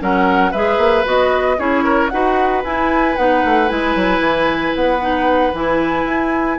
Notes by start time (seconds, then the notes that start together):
0.00 F#3 C#4 A#4 F#5
0.51 G#3 G#4 B4 E5
0.78 A#3
1.04 B3 F#4 D#5
1.58 C#4 E4 G#4 C#5
1.84 A#4
2.09 D#4 F#4 B4 F#5
2.64 E4 G#5
3.16 B3 D#4 F#5
3.44 A3
3.68 G#3 E4 G#5
3.95 F#3
4.20 E3
4.75 B3 F#5
5.00 D#4
5.53 E3 E4 G#5
6.05 E4